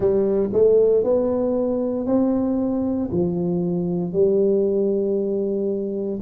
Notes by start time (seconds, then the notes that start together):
0.00 G3
0.52 A3
1.03 B3
2.06 C4
3.11 F3
4.12 G3